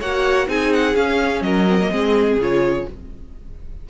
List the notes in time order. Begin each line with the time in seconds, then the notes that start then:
0.00 A#3 F#4 C#5 F#5
0.47 C4 D#4 G#4 G#5
0.73 F#5
0.95 C#4 F5
1.41 F#3 A#4 D#5
1.68 C4
1.81 A#3
1.91 G#3 C4 G#4
2.37 C#3 F4 C#5